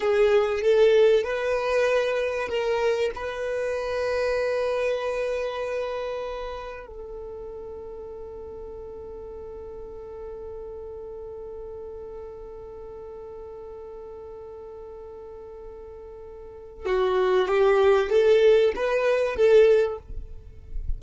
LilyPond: \new Staff \with { instrumentName = "violin" } { \time 4/4 \tempo 4 = 96 gis'4 a'4 b'2 | ais'4 b'2.~ | b'2. a'4~ | a'1~ |
a'1~ | a'1~ | a'2. fis'4 | g'4 a'4 b'4 a'4 | }